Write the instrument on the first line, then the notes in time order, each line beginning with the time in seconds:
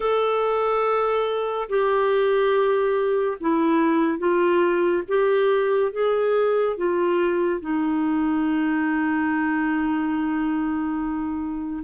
clarinet
0.00 A4
1.69 G4
3.40 E4
4.18 F4
5.08 G4
5.92 G#4
6.76 F4
7.61 D#4